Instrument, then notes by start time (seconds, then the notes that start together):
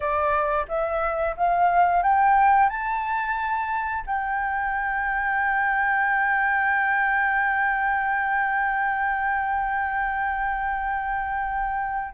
flute
0.00 D5
0.68 E5
1.37 F5
2.03 G5
2.69 A5
4.06 G5